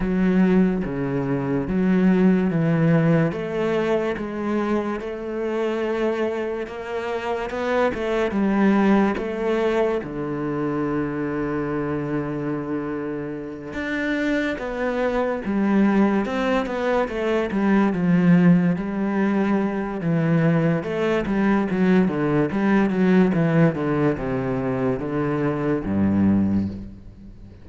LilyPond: \new Staff \with { instrumentName = "cello" } { \time 4/4 \tempo 4 = 72 fis4 cis4 fis4 e4 | a4 gis4 a2 | ais4 b8 a8 g4 a4 | d1~ |
d8 d'4 b4 g4 c'8 | b8 a8 g8 f4 g4. | e4 a8 g8 fis8 d8 g8 fis8 | e8 d8 c4 d4 g,4 | }